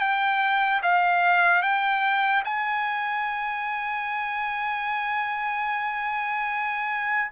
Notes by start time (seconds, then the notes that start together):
0.00 G5
0.83 F5
1.62 G5
2.45 G#5